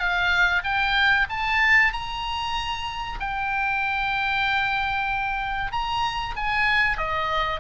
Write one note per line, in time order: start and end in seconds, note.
0.00 0.63 F5
0.64 1.27 G5
1.30 1.93 A5
1.93 3.20 A#5
3.20 5.72 G5
5.72 6.36 A#5
6.37 6.98 G#5
6.98 7.61 D#5